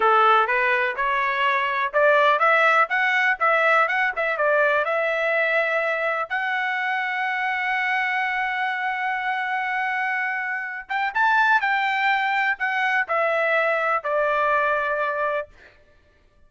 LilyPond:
\new Staff \with { instrumentName = "trumpet" } { \time 4/4 \tempo 4 = 124 a'4 b'4 cis''2 | d''4 e''4 fis''4 e''4 | fis''8 e''8 d''4 e''2~ | e''4 fis''2.~ |
fis''1~ | fis''2~ fis''8 g''8 a''4 | g''2 fis''4 e''4~ | e''4 d''2. | }